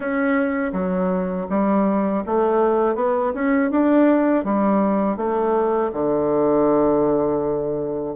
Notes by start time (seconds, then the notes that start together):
0.00 C#4
0.72 F#3
1.49 G3
2.26 A3
2.95 B3
3.34 C#4
3.70 D4
4.44 G3
5.16 A3
5.93 D3